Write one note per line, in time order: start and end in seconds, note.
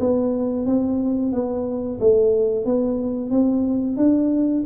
0.00 0.66 B3
0.66 1.32 C4
1.32 1.99 B3
2.00 2.65 A3
2.65 3.30 B3
3.30 3.97 C4
3.97 4.63 D4